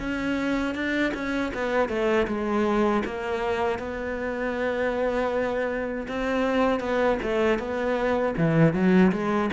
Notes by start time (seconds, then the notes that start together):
0.00 C#4
0.75 D4
1.15 C#4
1.54 B3
1.89 A3
2.28 G#3
3.05 A#3
3.79 B3
6.09 C4
6.80 B3
7.23 A3
7.59 B3
8.38 E3
8.74 F#3
9.12 G#3